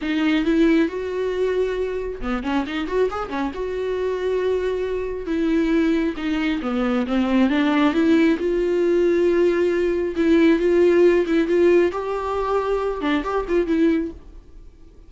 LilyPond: \new Staff \with { instrumentName = "viola" } { \time 4/4 \tempo 4 = 136 dis'4 e'4 fis'2~ | fis'4 b8 cis'8 dis'8 fis'8 gis'8 cis'8 | fis'1 | e'2 dis'4 b4 |
c'4 d'4 e'4 f'4~ | f'2. e'4 | f'4. e'8 f'4 g'4~ | g'4. d'8 g'8 f'8 e'4 | }